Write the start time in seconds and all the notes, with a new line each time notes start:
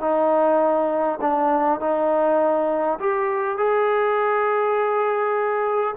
0.00 D#4
1.21 D4
1.80 D#4
2.99 G4
3.58 G#4